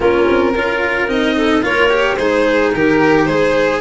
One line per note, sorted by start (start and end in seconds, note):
0.00 0.27 A#3
0.00 0.54 C#4
0.00 0.53 F4
0.00 1.09 A#4
0.28 0.55 C4
0.55 1.07 C#4
0.55 1.08 F4
0.55 1.36 A#4
1.07 1.62 C4
1.07 1.62 D#4
1.07 1.64 D#5
1.36 1.63 A4
1.62 2.17 A#3
1.62 1.89 F4
1.62 2.17 A#4
1.62 2.16 C#5
1.89 2.16 G4
2.16 2.73 G#3
2.16 3.81 D#4
2.16 2.73 G#4
2.16 2.71 C5
2.74 3.27 D#3
2.74 3.29 G4
2.74 3.25 A#4
3.25 3.81 G#3
3.25 3.81 G#4
3.25 3.80 C5